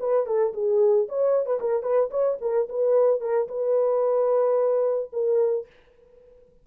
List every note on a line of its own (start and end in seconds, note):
0.00 0.26 B4
0.26 0.53 A4
0.53 1.07 G#4
1.09 1.46 C#5
1.46 1.59 B4
1.60 1.83 A#4
1.83 2.10 B4
2.11 2.38 C#5
2.41 2.68 A#4
2.69 3.21 B4
3.21 3.48 A#4
3.48 5.10 B4
5.13 5.67 A#4